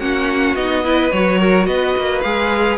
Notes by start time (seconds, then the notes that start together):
0.00 A#3 C#4 F#4 F#5
0.56 B3 D#4 D#5
0.84 E4 B4
1.12 F#3 F#4 C#5
1.39 A#4
1.67 B3 B4 D#5
1.97 A#3
2.22 G#3 G#4 F5